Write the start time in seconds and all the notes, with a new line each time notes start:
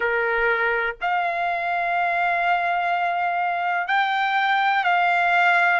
0.00 A#4
1.01 F5
3.87 G5
4.84 F5